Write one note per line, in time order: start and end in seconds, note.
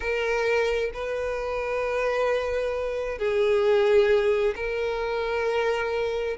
0.00 0.91 A#4
0.93 3.18 B4
3.18 4.54 G#4
4.55 6.37 A#4